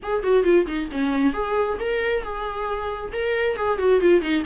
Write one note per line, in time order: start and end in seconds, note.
0.03 0.23 G#4
0.23 0.43 F#4
0.43 0.65 F4
0.66 0.88 D#4
0.91 1.33 C#4
1.33 1.77 G#4
1.79 2.23 A#4
2.23 3.12 G#4
3.12 3.56 A#4
3.56 3.78 G#4
3.78 4.00 F#4
4.00 4.21 F4
4.21 4.43 D#4